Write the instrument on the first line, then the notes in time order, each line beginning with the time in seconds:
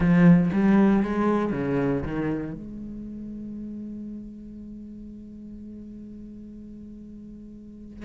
cello
0.00 F3
0.52 G3
1.02 G#3
1.52 C#3
2.02 D#3
2.53 G#3